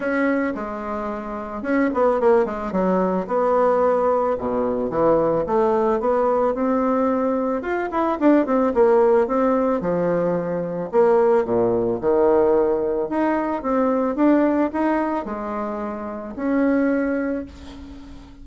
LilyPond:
\new Staff \with { instrumentName = "bassoon" } { \time 4/4 \tempo 4 = 110 cis'4 gis2 cis'8 b8 | ais8 gis8 fis4 b2 | b,4 e4 a4 b4 | c'2 f'8 e'8 d'8 c'8 |
ais4 c'4 f2 | ais4 ais,4 dis2 | dis'4 c'4 d'4 dis'4 | gis2 cis'2 | }